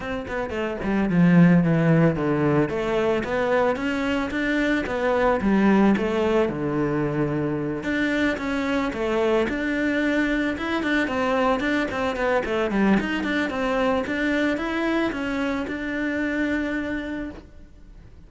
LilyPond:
\new Staff \with { instrumentName = "cello" } { \time 4/4 \tempo 4 = 111 c'8 b8 a8 g8 f4 e4 | d4 a4 b4 cis'4 | d'4 b4 g4 a4 | d2~ d8 d'4 cis'8~ |
cis'8 a4 d'2 e'8 | d'8 c'4 d'8 c'8 b8 a8 g8 | dis'8 d'8 c'4 d'4 e'4 | cis'4 d'2. | }